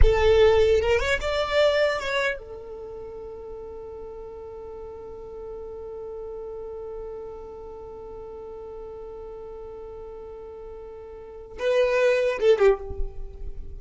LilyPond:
\new Staff \with { instrumentName = "violin" } { \time 4/4 \tempo 4 = 150 a'2 ais'8 cis''8 d''4~ | d''4 cis''4 a'2~ | a'1~ | a'1~ |
a'1~ | a'1~ | a'1~ | a'4 b'2 a'8 g'8 | }